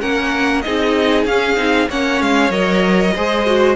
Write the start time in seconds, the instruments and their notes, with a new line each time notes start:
0.00 cello A#3, viola C#4, violin A#4 F#5
0.61 cello C4, viola D#4, violin G#4 D#5
1.25 cello C#4, viola C#4, violin F5
1.56 cello C4, viola D#4
1.89 cello A#3, viola C#4, violin C#5 F#5
2.21 cello G#3, violin F5
2.50 cello F#3, viola A#4, violin D#5
3.15 cello G#3, viola G#4, violin C5
3.46 viola F#4